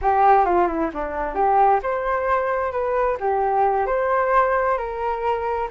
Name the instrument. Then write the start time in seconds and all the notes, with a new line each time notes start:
flute
0.01 G4
0.45 F4
0.67 E4
0.93 D4
1.34 G4
1.83 C5
2.71 B4
3.19 G4
3.86 C5
4.77 A#4